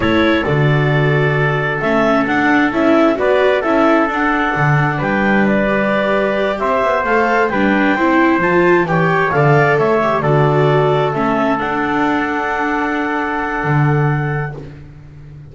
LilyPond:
<<
  \new Staff \with { instrumentName = "clarinet" } { \time 4/4 \tempo 4 = 132 cis''4 d''2. | e''4 fis''4 e''4 d''4 | e''4 fis''2 g''4 | d''2~ d''8 e''4 f''8~ |
f''8 g''2 a''4 g''8~ | g''8 f''4 e''4 d''4.~ | d''8 e''4 fis''2~ fis''8~ | fis''1 | }
  \new Staff \with { instrumentName = "trumpet" } { \time 4/4 a'1~ | a'2. b'4 | a'2. b'4~ | b'2~ b'8 c''4.~ |
c''8 b'4 c''2 cis''8~ | cis''8 d''4 cis''4 a'4.~ | a'1~ | a'1 | }
  \new Staff \with { instrumentName = "viola" } { \time 4/4 e'4 fis'2. | cis'4 d'4 e'4 fis'4 | e'4 d'2.~ | d'8 g'2. a'8~ |
a'8 d'4 e'4 f'4 g'8~ | g'8 a'4. g'8 fis'4.~ | fis'8 cis'4 d'2~ d'8~ | d'1 | }
  \new Staff \with { instrumentName = "double bass" } { \time 4/4 a4 d2. | a4 d'4 cis'4 b4 | cis'4 d'4 d4 g4~ | g2~ g8 c'8 b8 a8~ |
a8 g4 c'4 f4 e8~ | e8 d4 a4 d4.~ | d8 a4 d'2~ d'8~ | d'2 d2 | }
>>